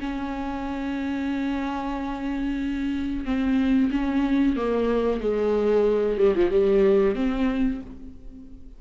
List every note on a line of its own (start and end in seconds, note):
0.00 3.25 C#4
3.25 3.90 C4
3.91 4.56 C#4
4.56 5.20 A#3
5.20 6.18 G#3
6.18 6.34 G3
6.35 6.50 F3
6.50 7.15 G3
7.15 7.80 C4